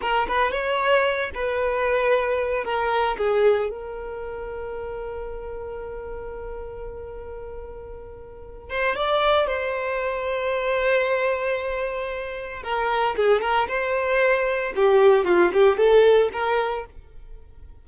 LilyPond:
\new Staff \with { instrumentName = "violin" } { \time 4/4 \tempo 4 = 114 ais'8 b'8 cis''4. b'4.~ | b'4 ais'4 gis'4 ais'4~ | ais'1~ | ais'1~ |
ais'8 c''8 d''4 c''2~ | c''1 | ais'4 gis'8 ais'8 c''2 | g'4 f'8 g'8 a'4 ais'4 | }